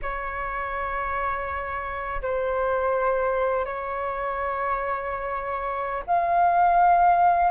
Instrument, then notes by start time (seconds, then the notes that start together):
flute
0.02 C#5
2.22 C5
3.65 C#5
6.06 F5